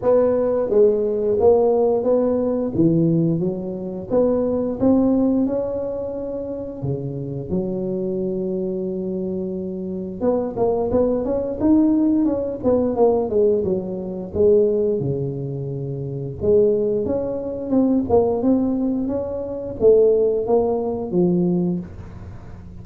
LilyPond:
\new Staff \with { instrumentName = "tuba" } { \time 4/4 \tempo 4 = 88 b4 gis4 ais4 b4 | e4 fis4 b4 c'4 | cis'2 cis4 fis4~ | fis2. b8 ais8 |
b8 cis'8 dis'4 cis'8 b8 ais8 gis8 | fis4 gis4 cis2 | gis4 cis'4 c'8 ais8 c'4 | cis'4 a4 ais4 f4 | }